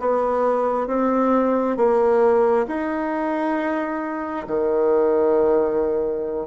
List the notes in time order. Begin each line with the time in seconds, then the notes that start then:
0.00 B3
0.88 C4
1.77 A#3
2.67 D#4
4.47 D#3